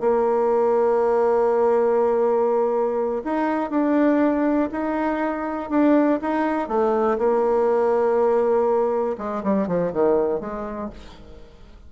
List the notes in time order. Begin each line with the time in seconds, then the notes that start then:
0.00 A#3
3.24 D#4
3.70 D4
4.72 D#4
5.69 D4
6.21 D#4
6.68 A3
7.18 A#3
9.18 G#3
9.43 G3
9.67 F3
9.92 D#3
10.40 G#3